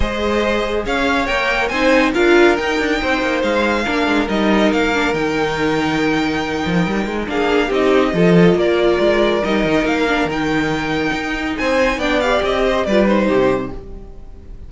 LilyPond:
<<
  \new Staff \with { instrumentName = "violin" } { \time 4/4 \tempo 4 = 140 dis''2 f''4 g''4 | gis''4 f''4 g''2 | f''2 dis''4 f''4 | g''1~ |
g''4 f''4 dis''2 | d''2 dis''4 f''4 | g''2. gis''4 | g''8 f''8 dis''4 d''8 c''4. | }
  \new Staff \with { instrumentName = "violin" } { \time 4/4 c''2 cis''2 | c''4 ais'2 c''4~ | c''4 ais'2.~ | ais'1~ |
ais'4 gis'4 g'4 a'4 | ais'1~ | ais'2. c''4 | d''4. c''8 b'4 g'4 | }
  \new Staff \with { instrumentName = "viola" } { \time 4/4 gis'2. ais'4 | dis'4 f'4 dis'2~ | dis'4 d'4 dis'4. d'8 | dis'1~ |
dis'4 d'4 dis'4 f'4~ | f'2 dis'4. d'8 | dis'1 | d'8 g'4. f'8 dis'4. | }
  \new Staff \with { instrumentName = "cello" } { \time 4/4 gis2 cis'4 ais4 | c'4 d'4 dis'8 d'8 c'8 ais8 | gis4 ais8 gis8 g4 ais4 | dis2.~ dis8 f8 |
g8 gis8 ais4 c'4 f4 | ais4 gis4 g8 dis8 ais4 | dis2 dis'4 c'4 | b4 c'4 g4 c4 | }
>>